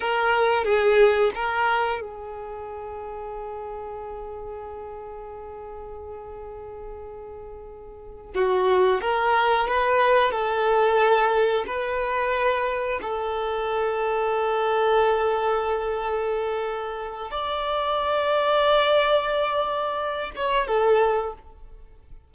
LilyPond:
\new Staff \with { instrumentName = "violin" } { \time 4/4 \tempo 4 = 90 ais'4 gis'4 ais'4 gis'4~ | gis'1~ | gis'1~ | gis'8 fis'4 ais'4 b'4 a'8~ |
a'4. b'2 a'8~ | a'1~ | a'2 d''2~ | d''2~ d''8 cis''8 a'4 | }